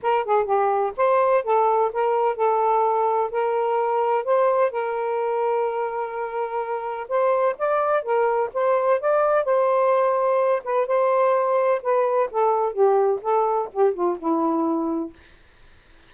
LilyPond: \new Staff \with { instrumentName = "saxophone" } { \time 4/4 \tempo 4 = 127 ais'8 gis'8 g'4 c''4 a'4 | ais'4 a'2 ais'4~ | ais'4 c''4 ais'2~ | ais'2. c''4 |
d''4 ais'4 c''4 d''4 | c''2~ c''8 b'8 c''4~ | c''4 b'4 a'4 g'4 | a'4 g'8 f'8 e'2 | }